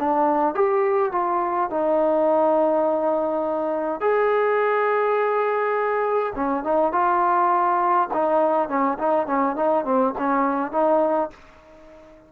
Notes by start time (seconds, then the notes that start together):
0.00 D4
0.55 G4
1.13 F4
1.71 D#4
4.01 G#4
6.36 C#4
6.64 D#4
6.93 F4
8.14 D#4
8.69 C#4
8.99 D#4
9.27 C#4
9.56 D#4
9.85 C4
10.19 C#4
10.72 D#4